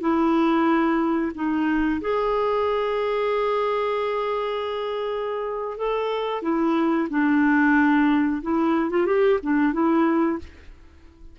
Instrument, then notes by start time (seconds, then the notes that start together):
clarinet
0.00 E4
1.35 D#4
2.01 G#4
5.77 A4
6.42 E4
7.10 D4
8.42 E4
8.90 F4
9.06 G4
9.43 D4
9.73 E4